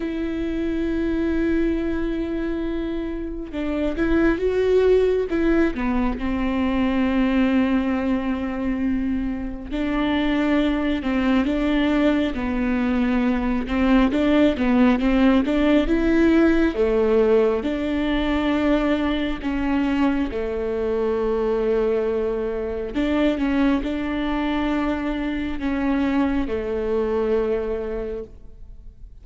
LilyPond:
\new Staff \with { instrumentName = "viola" } { \time 4/4 \tempo 4 = 68 e'1 | d'8 e'8 fis'4 e'8 b8 c'4~ | c'2. d'4~ | d'8 c'8 d'4 b4. c'8 |
d'8 b8 c'8 d'8 e'4 a4 | d'2 cis'4 a4~ | a2 d'8 cis'8 d'4~ | d'4 cis'4 a2 | }